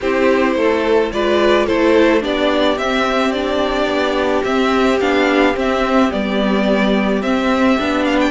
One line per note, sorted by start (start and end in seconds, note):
0.00 0.55 C4
0.00 1.13 E4
0.00 0.56 G4
0.00 1.11 C5
0.55 1.11 A3
0.55 1.12 A4
1.11 1.68 G#3
1.11 1.68 F4
1.11 1.66 B4
1.11 1.66 D5
1.66 2.24 A3
1.66 2.20 E4
1.66 2.22 A4
1.66 2.22 C5
2.20 2.77 B3
2.20 2.76 D4
2.20 8.31 G4
2.20 2.78 D5
2.77 3.86 C4
2.77 3.34 C4
2.77 3.31 E5
3.31 4.45 D4
3.31 4.43 D5
3.86 4.41 B3
4.44 5.00 C4
4.44 4.99 E5
5.00 5.56 B3
5.00 5.54 D4
5.00 5.55 F5
5.54 6.09 C4
5.54 6.11 C4
5.54 6.11 E5
6.10 7.22 G3
6.10 7.22 B3
6.10 7.22 D5
7.22 7.78 C4
7.22 8.04 E5
7.78 8.31 B3
7.78 8.31 D4
8.04 8.18 F5
8.20 8.31 G5